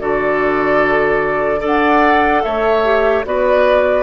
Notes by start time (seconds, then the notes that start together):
0.00 D3 F#4 A4 D5
1.58 D4 A4 D5
1.65 F#5
2.43 A3 C#5 E5
2.84 G4
3.25 B3 F#4 B4 D5